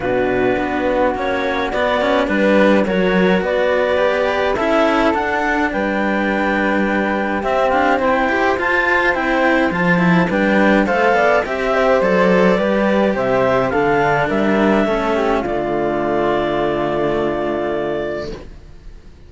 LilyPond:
<<
  \new Staff \with { instrumentName = "clarinet" } { \time 4/4 \tempo 4 = 105 b'2 cis''4 d''4 | b'4 cis''4 d''2 | e''4 fis''4 g''2~ | g''4 e''8 f''8 g''4 a''4 |
g''4 a''4 g''4 f''4 | e''4 d''2 e''4 | f''4 e''2 d''4~ | d''1 | }
  \new Staff \with { instrumentName = "flute" } { \time 4/4 fis'1 | b'4 ais'4 b'2 | a'2 b'2~ | b'4 g'4 c''2~ |
c''2 b'4 c''8 d''8 | e''8 c''4. b'4 c''4 | a'4 ais'4 a'8 g'8 f'4~ | f'1 | }
  \new Staff \with { instrumentName = "cello" } { \time 4/4 d'2 cis'4 b8 cis'8 | d'4 fis'2 g'4 | e'4 d'2.~ | d'4 c'4. g'8 f'4 |
e'4 f'8 e'8 d'4 a'4 | g'4 a'4 g'2 | d'2 cis'4 a4~ | a1 | }
  \new Staff \with { instrumentName = "cello" } { \time 4/4 b,4 b4 ais4 b4 | g4 fis4 b2 | cis'4 d'4 g2~ | g4 c'8 d'8 e'4 f'4 |
c'4 f4 g4 a8 b8 | c'4 fis4 g4 c4 | d4 g4 a4 d4~ | d1 | }
>>